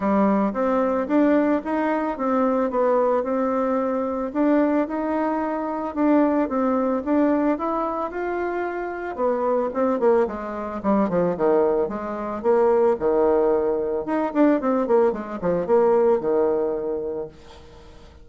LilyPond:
\new Staff \with { instrumentName = "bassoon" } { \time 4/4 \tempo 4 = 111 g4 c'4 d'4 dis'4 | c'4 b4 c'2 | d'4 dis'2 d'4 | c'4 d'4 e'4 f'4~ |
f'4 b4 c'8 ais8 gis4 | g8 f8 dis4 gis4 ais4 | dis2 dis'8 d'8 c'8 ais8 | gis8 f8 ais4 dis2 | }